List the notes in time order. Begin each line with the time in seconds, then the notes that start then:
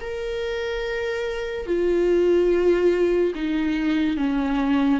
0.00 A#4
1.66 F4
3.35 D#4
4.17 C#4